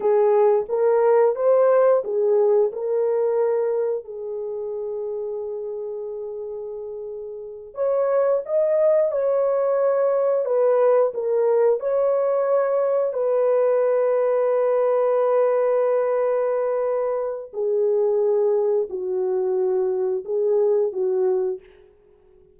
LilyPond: \new Staff \with { instrumentName = "horn" } { \time 4/4 \tempo 4 = 89 gis'4 ais'4 c''4 gis'4 | ais'2 gis'2~ | gis'2.~ gis'8 cis''8~ | cis''8 dis''4 cis''2 b'8~ |
b'8 ais'4 cis''2 b'8~ | b'1~ | b'2 gis'2 | fis'2 gis'4 fis'4 | }